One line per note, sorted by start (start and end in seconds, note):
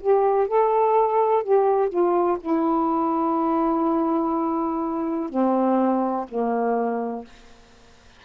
0.00 0.48 G4
0.48 1.43 A4
1.43 1.89 G4
1.89 2.37 F4
2.40 5.29 E4
5.29 6.26 C4
6.28 7.24 A#3